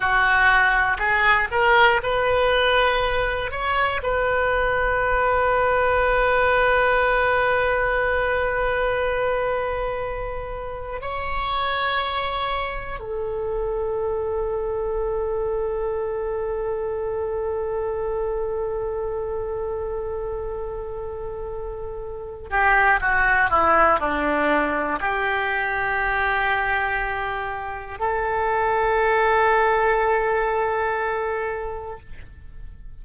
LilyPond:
\new Staff \with { instrumentName = "oboe" } { \time 4/4 \tempo 4 = 60 fis'4 gis'8 ais'8 b'4. cis''8 | b'1~ | b'2. cis''4~ | cis''4 a'2.~ |
a'1~ | a'2~ a'8 g'8 fis'8 e'8 | d'4 g'2. | a'1 | }